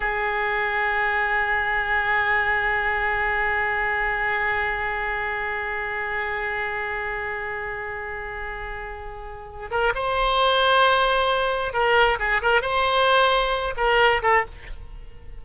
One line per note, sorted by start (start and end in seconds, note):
0.00 9.70 G#4
9.70 9.93 A#4
9.95 11.73 C5
11.73 12.18 A#4
12.19 12.41 G#4
12.42 12.61 A#4
12.61 13.74 C5
13.77 14.22 A#4
14.22 14.45 A4